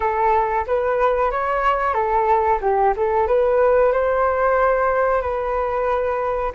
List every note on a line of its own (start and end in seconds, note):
0.00 0.65 A4
0.66 1.31 B4
1.31 1.94 C#5
1.94 2.59 A4
2.61 2.93 G4
2.96 3.27 A4
3.27 3.92 B4
3.92 5.21 C5
5.21 6.52 B4